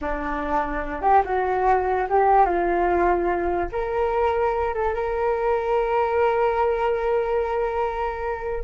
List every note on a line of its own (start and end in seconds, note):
0.01 1.01 D4
1.01 1.22 G4
1.25 2.07 F#4
2.09 2.45 G4
2.45 3.69 F4
3.72 4.74 A#4
4.74 4.94 A4
4.94 8.63 A#4